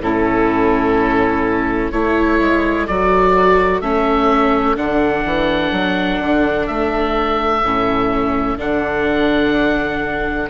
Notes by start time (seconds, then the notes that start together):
0.00 A2 C#4 E4 A4
1.91 A3 E4 A4 C#5
2.40 G#3
2.87 F#3 F#4 D5
3.81 A3 C#4 E5
4.76 D3 D4 F#5
5.25 E3
5.71 F#3
6.19 D3
6.67 A3 E5
7.63 A2 C#4
8.57 D3 D4 F#5